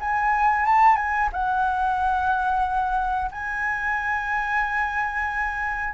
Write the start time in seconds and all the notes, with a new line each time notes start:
0.00 G#5
0.66 A5
0.96 G#5
1.32 F#5
3.31 G#5